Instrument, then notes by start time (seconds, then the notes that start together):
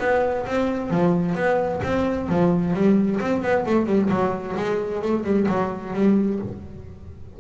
double bass
0.00 B3
0.46 C4
0.91 F3
1.35 B3
1.83 C4
2.29 F3
2.74 G3
3.21 C4
3.43 B3
3.66 A3
3.86 G3
4.10 F#3
4.57 G#3
5.02 A3
5.24 G3
5.49 F#3
5.94 G3